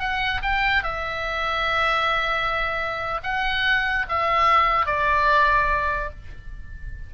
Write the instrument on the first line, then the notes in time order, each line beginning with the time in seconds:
oboe
0.00 F#5
0.43 G5
0.83 E5
3.23 F#5
4.09 E5
4.86 D5